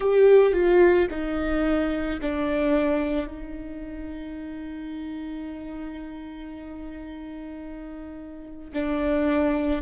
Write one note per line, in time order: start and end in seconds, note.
0.00 0.53 G4
0.53 1.07 F4
1.10 2.19 D#4
2.21 3.27 D4
3.27 8.72 D#4
8.73 9.81 D4